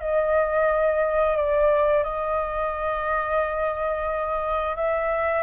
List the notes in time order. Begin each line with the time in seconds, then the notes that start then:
0.00 D#5
1.36 D5
2.03 D#5
4.76 E5